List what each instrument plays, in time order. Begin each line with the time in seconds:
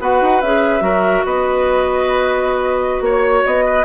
0.00 bassoon B3, clarinet F#4, oboe B4, flute F#5
0.21 bassoon D#4
0.41 bassoon C#4, clarinet G#4, flute E5
0.80 bassoon F#3, clarinet F#4, oboe A#4
1.25 bassoon B3, oboe B4, flute D#5
3.01 bassoon A#3, oboe C#5, flute C#5
3.46 bassoon B3, flute D#5
3.65 oboe B4